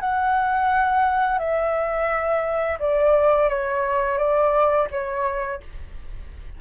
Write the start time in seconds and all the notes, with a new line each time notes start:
0.00 F#5
1.39 E5
2.79 D5
3.49 C#5
4.18 D5
4.91 C#5